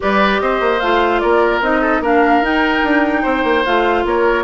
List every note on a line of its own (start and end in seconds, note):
0.00 0.40 G3
0.00 0.80 G4
0.00 0.42 B4
0.00 0.40 D5
0.40 0.60 C4
0.40 1.22 C5
0.40 0.79 D#5
0.60 0.80 A#3
0.79 1.22 A3
0.79 1.62 F4
0.79 1.19 F5
1.19 1.61 A#3
1.19 1.81 A#4
1.19 1.60 D5
1.61 2.00 C4
1.61 2.02 D#4
1.61 2.03 D#5
1.81 2.01 A4
2.00 2.40 A#3
2.00 2.43 D4
2.00 3.22 A#4
2.00 2.44 F5
2.40 2.81 D#4
2.40 3.64 D#4
2.40 3.65 G5
2.83 3.24 D4
3.22 3.43 C4
3.22 4.03 C5
3.43 3.63 A#3
3.65 4.04 A3
3.65 4.43 F4
3.65 4.05 F5
4.04 4.43 A#3
4.04 4.43 A#4
4.04 4.43 C#5